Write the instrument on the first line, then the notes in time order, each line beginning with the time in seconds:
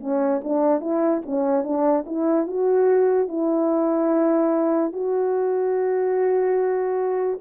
horn
0.00 C#4
0.44 D4
0.81 E4
1.26 C#4
1.64 D4
2.06 E4
2.47 F#4
3.28 E4
4.92 F#4